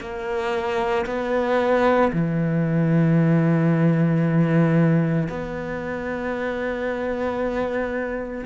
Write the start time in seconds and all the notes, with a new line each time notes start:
0.00 A#3
1.06 B3
2.12 E3
5.29 B3